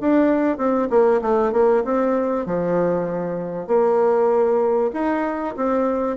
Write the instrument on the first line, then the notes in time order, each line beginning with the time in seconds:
bassoon
0.00 D4
0.57 C4
0.89 A#3
1.21 A3
1.52 A#3
1.84 C4
2.46 F3
3.67 A#3
4.93 D#4
5.56 C4